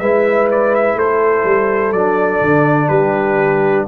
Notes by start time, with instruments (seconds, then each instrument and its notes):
0.00 tuba G#3, trombone E4, horn B4, trumpet E5
0.51 trumpet D5
0.75 trumpet E5
0.95 tuba A3, horn A4, trumpet C5
1.44 tuba G3
1.93 tuba F#3, trombone D4, trumpet D5
2.41 tuba D3
2.89 tuba G3, horn G4, trumpet B4